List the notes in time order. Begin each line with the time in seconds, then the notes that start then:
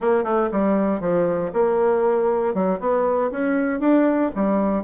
0.00 A#3
0.24 A3
0.51 G3
1.00 F3
1.53 A#3
2.54 F#3
2.79 B3
3.31 C#4
3.80 D4
4.35 G3